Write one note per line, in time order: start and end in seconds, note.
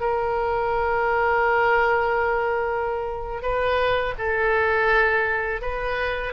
0.00 3.42 A#4
3.42 4.14 B4
4.18 5.62 A4
5.62 6.33 B4